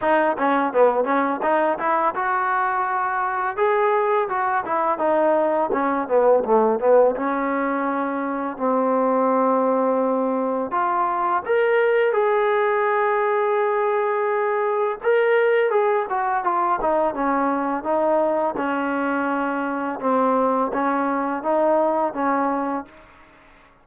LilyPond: \new Staff \with { instrumentName = "trombone" } { \time 4/4 \tempo 4 = 84 dis'8 cis'8 b8 cis'8 dis'8 e'8 fis'4~ | fis'4 gis'4 fis'8 e'8 dis'4 | cis'8 b8 a8 b8 cis'2 | c'2. f'4 |
ais'4 gis'2.~ | gis'4 ais'4 gis'8 fis'8 f'8 dis'8 | cis'4 dis'4 cis'2 | c'4 cis'4 dis'4 cis'4 | }